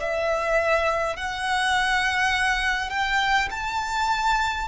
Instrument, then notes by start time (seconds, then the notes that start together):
violin
0.00 E5
1.16 F#5
2.89 G5
3.50 A5